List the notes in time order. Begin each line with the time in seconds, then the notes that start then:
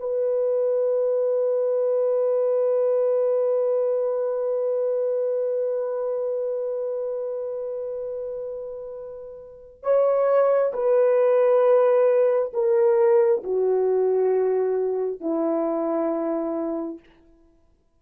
0.00 B4
9.83 C#5
10.73 B4
12.53 A#4
13.44 F#4
15.21 E4